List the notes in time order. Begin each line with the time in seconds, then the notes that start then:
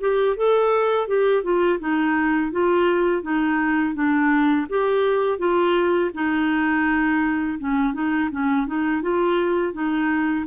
0.00 G4
0.36 A4
1.07 G4
1.43 F4
1.79 D#4
2.51 F4
3.22 D#4
3.94 D4
4.69 G4
5.38 F4
6.14 D#4
7.59 C#4
7.93 D#4
8.31 C#4
8.67 D#4
9.02 F4
9.73 D#4